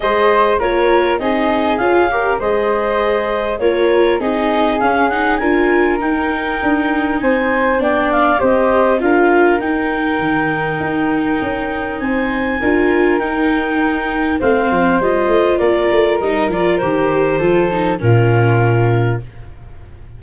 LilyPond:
<<
  \new Staff \with { instrumentName = "clarinet" } { \time 4/4 \tempo 4 = 100 dis''4 cis''4 dis''4 f''4 | dis''2 cis''4 dis''4 | f''8 fis''8 gis''4 g''2 | gis''4 g''8 f''8 dis''4 f''4 |
g''1 | gis''2 g''2 | f''4 dis''4 d''4 dis''8 d''8 | c''2 ais'2 | }
  \new Staff \with { instrumentName = "flute" } { \time 4/4 c''4 ais'4 gis'4. ais'8 | c''2 ais'4 gis'4~ | gis'4 ais'2. | c''4 d''4 c''4 ais'4~ |
ais'1 | c''4 ais'2. | c''2 ais'2~ | ais'4 a'4 f'2 | }
  \new Staff \with { instrumentName = "viola" } { \time 4/4 gis'4 f'4 dis'4 f'8 g'8 | gis'2 f'4 dis'4 | cis'8 dis'8 f'4 dis'2~ | dis'4 d'4 g'4 f'4 |
dis'1~ | dis'4 f'4 dis'2 | c'4 f'2 dis'8 f'8 | g'4 f'8 dis'8 cis'2 | }
  \new Staff \with { instrumentName = "tuba" } { \time 4/4 gis4 ais4 c'4 cis'4 | gis2 ais4 c'4 | cis'4 d'4 dis'4 d'4 | c'4 b4 c'4 d'4 |
dis'4 dis4 dis'4 cis'4 | c'4 d'4 dis'2 | a8 f8 g8 a8 ais8 a8 g8 f8 | dis4 f4 ais,2 | }
>>